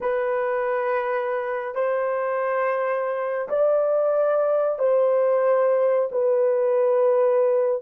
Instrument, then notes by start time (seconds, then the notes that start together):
horn
0.00 B4
1.74 C5
3.49 D5
4.78 C5
6.11 B4